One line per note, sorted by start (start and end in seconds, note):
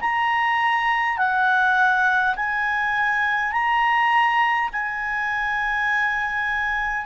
0.00 1.18 A#5
1.18 2.35 F#5
2.36 3.52 G#5
3.52 4.70 A#5
4.72 7.06 G#5